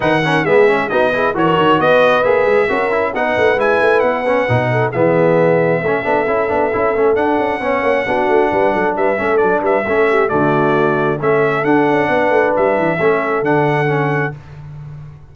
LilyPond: <<
  \new Staff \with { instrumentName = "trumpet" } { \time 4/4 \tempo 4 = 134 fis''4 e''4 dis''4 cis''4 | dis''4 e''2 fis''4 | gis''4 fis''2 e''4~ | e''1 |
fis''1 | e''4 d''8 e''4. d''4~ | d''4 e''4 fis''2 | e''2 fis''2 | }
  \new Staff \with { instrumentName = "horn" } { \time 4/4 b'8 ais'8 gis'4 fis'8 gis'8 ais'4 | b'2 ais'4 b'4~ | b'2~ b'8 a'8 gis'4~ | gis'4 a'2.~ |
a'4 cis''4 fis'4 b'8 a'8 | b'8 a'4 b'8 a'8 g'8 fis'4~ | fis'4 a'2 b'4~ | b'4 a'2. | }
  \new Staff \with { instrumentName = "trombone" } { \time 4/4 dis'8 cis'8 b8 cis'8 dis'8 e'8 fis'4~ | fis'4 gis'4 fis'8 e'8 dis'4 | e'4. cis'8 dis'4 b4~ | b4 cis'8 d'8 e'8 d'8 e'8 cis'8 |
d'4 cis'4 d'2~ | d'8 cis'8 d'4 cis'4 a4~ | a4 cis'4 d'2~ | d'4 cis'4 d'4 cis'4 | }
  \new Staff \with { instrumentName = "tuba" } { \time 4/4 dis4 gis4 b4 e8 dis8 | b4 ais8 gis8 cis'4 b8 a8 | gis8 a8 b4 b,4 e4~ | e4 a8 b8 cis'8 b8 cis'8 a8 |
d'8 cis'8 b8 ais8 b8 a8 g8 fis8 | g8 a8 fis8 g8 a4 d4~ | d4 a4 d'8 cis'8 b8 a8 | g8 e8 a4 d2 | }
>>